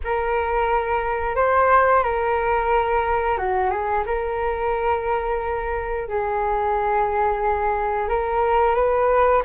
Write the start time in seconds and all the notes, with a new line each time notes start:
0.04 A#4
1.35 C5
2.03 A#4
3.37 F#4
3.70 G#4
4.06 A#4
6.08 G#4
8.08 A#4
8.75 B4